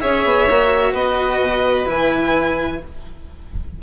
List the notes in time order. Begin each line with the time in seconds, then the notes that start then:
0.00 C#4 G#4 C#5 E5
0.24 B3
0.49 A#3 F#4
0.92 B3 B4 D#5
1.41 B2
1.85 E3 E4 G#5